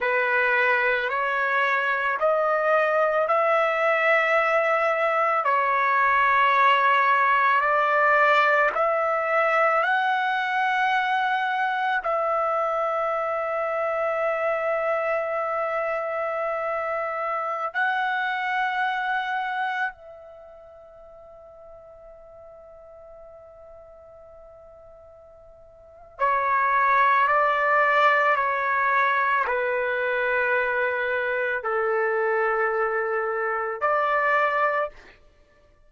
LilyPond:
\new Staff \with { instrumentName = "trumpet" } { \time 4/4 \tempo 4 = 55 b'4 cis''4 dis''4 e''4~ | e''4 cis''2 d''4 | e''4 fis''2 e''4~ | e''1~ |
e''16 fis''2 e''4.~ e''16~ | e''1 | cis''4 d''4 cis''4 b'4~ | b'4 a'2 d''4 | }